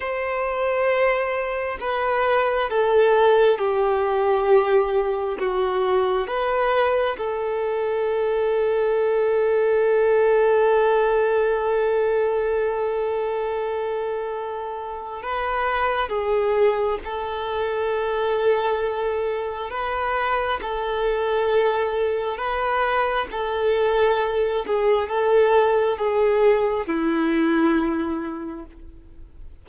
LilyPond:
\new Staff \with { instrumentName = "violin" } { \time 4/4 \tempo 4 = 67 c''2 b'4 a'4 | g'2 fis'4 b'4 | a'1~ | a'1~ |
a'4 b'4 gis'4 a'4~ | a'2 b'4 a'4~ | a'4 b'4 a'4. gis'8 | a'4 gis'4 e'2 | }